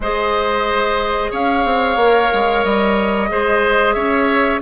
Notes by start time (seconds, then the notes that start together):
0.00 G#3 G#4 C5 D#5
1.31 C#4 C#5 F5
1.64 C4
1.96 A#3 A#4
2.33 G#3
2.64 G3 D#5
3.28 G#3 G#4 C5
3.93 C#4 C#5 E5